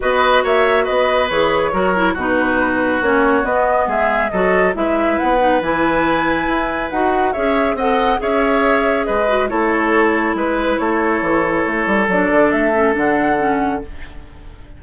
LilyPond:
<<
  \new Staff \with { instrumentName = "flute" } { \time 4/4 \tempo 4 = 139 dis''4 e''4 dis''4 cis''4~ | cis''4 b'2 cis''4 | dis''4 e''4 dis''4 e''4 | fis''4 gis''2. |
fis''4 e''4 fis''4 e''4~ | e''4 dis''4 cis''2 | b'4 cis''2. | d''4 e''4 fis''2 | }
  \new Staff \with { instrumentName = "oboe" } { \time 4/4 b'4 cis''4 b'2 | ais'4 fis'2.~ | fis'4 gis'4 a'4 b'4~ | b'1~ |
b'4 cis''4 dis''4 cis''4~ | cis''4 b'4 a'2 | b'4 a'2.~ | a'1 | }
  \new Staff \with { instrumentName = "clarinet" } { \time 4/4 fis'2. gis'4 | fis'8 e'8 dis'2 cis'4 | b2 fis'4 e'4~ | e'8 dis'8 e'2. |
fis'4 gis'4 a'4 gis'4~ | gis'4. fis'8 e'2~ | e'1 | d'4. cis'8 d'4 cis'4 | }
  \new Staff \with { instrumentName = "bassoon" } { \time 4/4 b4 ais4 b4 e4 | fis4 b,2 ais4 | b4 gis4 fis4 gis4 | b4 e2 e'4 |
dis'4 cis'4 c'4 cis'4~ | cis'4 gis4 a2 | gis4 a4 e4 a8 g8 | fis8 d8 a4 d2 | }
>>